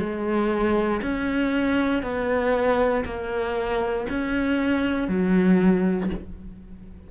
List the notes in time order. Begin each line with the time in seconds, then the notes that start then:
0.00 G#3
1.02 C#4
2.03 B3
3.06 A#3
4.10 C#4
5.08 F#3